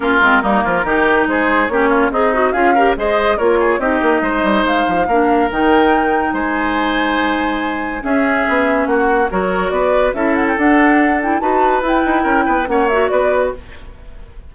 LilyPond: <<
  \new Staff \with { instrumentName = "flute" } { \time 4/4 \tempo 4 = 142 ais'2. c''4 | cis''4 dis''4 f''4 dis''4 | cis''4 dis''2 f''4~ | f''4 g''2 gis''4~ |
gis''2. e''4~ | e''4 fis''4 cis''4 d''4 | e''8 fis''16 g''16 fis''4. g''8 a''4 | g''2 fis''8 e''8 d''4 | }
  \new Staff \with { instrumentName = "oboe" } { \time 4/4 f'4 dis'8 f'8 g'4 gis'4 | g'8 f'8 dis'4 gis'8 ais'8 c''4 | ais'8 gis'8 g'4 c''2 | ais'2. c''4~ |
c''2. gis'4~ | gis'4 fis'4 ais'4 b'4 | a'2. b'4~ | b'4 ais'8 b'8 cis''4 b'4 | }
  \new Staff \with { instrumentName = "clarinet" } { \time 4/4 cis'8 c'8 ais4 dis'2 | cis'4 gis'8 fis'8 f'8 g'8 gis'4 | f'4 dis'2. | d'4 dis'2.~ |
dis'2. cis'4~ | cis'2 fis'2 | e'4 d'4. e'8 fis'4 | e'2 cis'8 fis'4. | }
  \new Staff \with { instrumentName = "bassoon" } { \time 4/4 ais8 gis8 g8 f8 dis4 gis4 | ais4 c'4 cis'4 gis4 | ais4 c'8 ais8 gis8 g8 gis8 f8 | ais4 dis2 gis4~ |
gis2. cis'4 | b4 ais4 fis4 b4 | cis'4 d'2 dis'4 | e'8 dis'8 cis'8 b8 ais4 b4 | }
>>